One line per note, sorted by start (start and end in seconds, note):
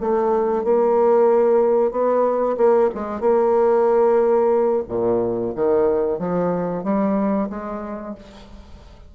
0.00 0.64 A3
0.64 1.91 A#3
1.91 2.56 B3
2.57 2.90 A#3
2.94 3.20 G#3
3.20 4.83 A#3
4.88 5.53 A#2
5.55 6.18 D#3
6.18 6.83 F3
6.83 7.49 G3
7.49 8.15 G#3